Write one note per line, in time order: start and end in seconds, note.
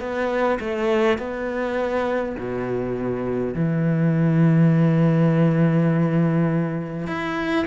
0.00 0.59 B3
0.60 1.18 A3
1.18 2.36 B3
2.39 3.55 B2
3.55 7.07 E3
7.07 7.66 E4